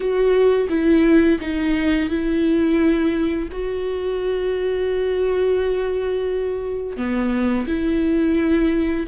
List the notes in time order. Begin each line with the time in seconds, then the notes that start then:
0.00 F#4
0.68 E4
1.40 D#4
2.09 E4
3.51 F#4
6.96 B3
7.67 E4